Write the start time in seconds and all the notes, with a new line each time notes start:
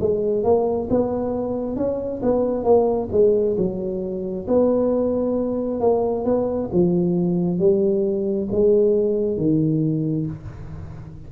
0.00 G#3
0.44 A#3
0.90 B3
1.76 C#4
2.22 B3
2.64 A#3
3.11 G#3
3.57 F#3
4.47 B3
5.80 A#3
6.25 B3
6.72 F3
7.58 G3
8.51 G#3
9.37 D#3